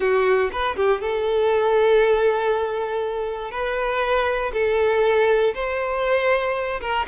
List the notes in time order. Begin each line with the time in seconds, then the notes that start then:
0.00 F#4
0.52 B4
0.76 G4
1.01 A4
3.51 B4
4.53 A4
5.54 C5
6.81 A#4